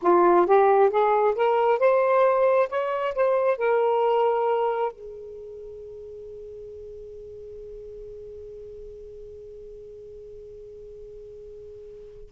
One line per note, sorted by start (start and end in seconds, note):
0.02 0.46 F4
0.46 0.90 G4
0.90 1.34 G#4
1.35 1.79 A#4
1.79 2.68 C5
2.69 3.13 C#5
3.15 3.57 C5
3.57 4.91 A#4
4.91 12.30 G#4